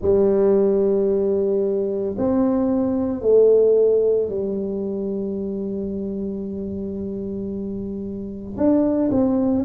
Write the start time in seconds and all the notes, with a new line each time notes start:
0.01 G3
2.18 C4
3.21 A3
4.29 G3
8.57 D4
9.11 C4